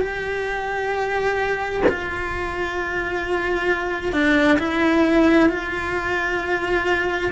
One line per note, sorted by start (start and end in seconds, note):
0.00 1.82 G4
1.88 4.12 F4
4.12 4.58 D4
4.58 5.49 E4
5.49 7.31 F4